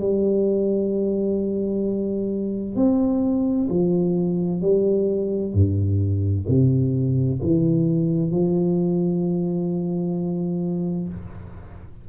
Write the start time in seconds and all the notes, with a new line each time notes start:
0.00 G3
2.76 C4
3.70 F3
4.62 G3
5.54 G2
6.49 C3
7.42 E3
8.32 F3